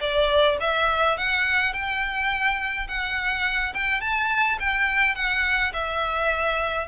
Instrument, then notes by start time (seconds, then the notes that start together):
violin
0.00 D5
0.60 E5
1.17 F#5
1.73 G5
2.88 F#5
3.74 G5
4.01 A5
4.59 G5
5.15 F#5
5.73 E5